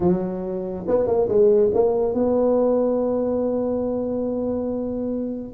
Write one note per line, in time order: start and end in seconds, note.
0.00 0.85 F#3
0.87 1.06 B3
1.06 1.28 A#3
1.28 1.70 G#3
1.74 2.14 A#3
2.14 5.53 B3